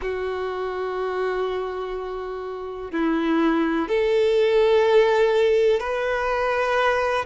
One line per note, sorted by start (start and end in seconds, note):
0.01 2.91 F#4
2.91 3.88 E4
3.88 5.80 A4
5.80 7.25 B4